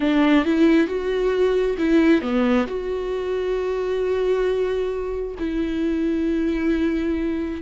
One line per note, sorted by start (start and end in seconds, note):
0.00 0.45 D4
0.45 0.87 E4
0.87 1.77 F#4
1.78 2.21 E4
2.21 2.66 B3
2.66 5.35 F#4
5.39 7.61 E4